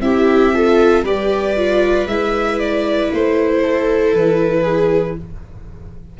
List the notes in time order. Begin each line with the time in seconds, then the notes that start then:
0.00 C4 E4 G4 E5
0.53 F4 A4
1.03 G3 G4 B4 D5
1.56 F4
2.05 G#3 E4 E5
2.59 D5
3.12 A3 C5
3.63 A4
4.13 E3 B4
4.62 G#4